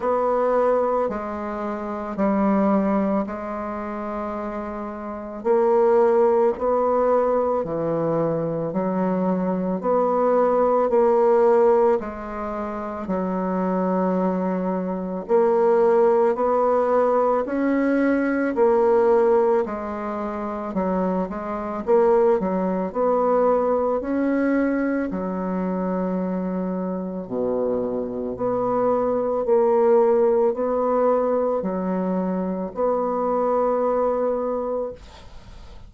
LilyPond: \new Staff \with { instrumentName = "bassoon" } { \time 4/4 \tempo 4 = 55 b4 gis4 g4 gis4~ | gis4 ais4 b4 e4 | fis4 b4 ais4 gis4 | fis2 ais4 b4 |
cis'4 ais4 gis4 fis8 gis8 | ais8 fis8 b4 cis'4 fis4~ | fis4 b,4 b4 ais4 | b4 fis4 b2 | }